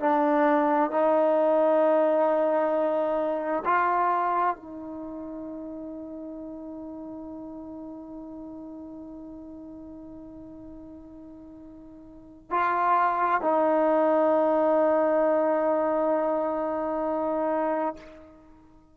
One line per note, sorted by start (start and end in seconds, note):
0.00 0.91 D4
0.91 3.64 D#4
3.65 4.56 F4
4.56 12.51 D#4
12.51 13.42 F4
13.42 17.96 D#4